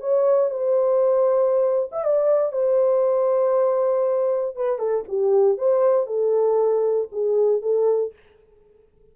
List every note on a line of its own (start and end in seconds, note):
0.00 0.50 C#5
0.50 1.90 C5
1.92 2.04 E5
2.04 2.52 D5
2.52 4.56 C5
4.56 4.78 B4
4.78 5.04 A4
5.08 5.57 G4
5.57 6.06 C5
6.06 7.08 A4
7.12 7.62 G#4
7.62 8.13 A4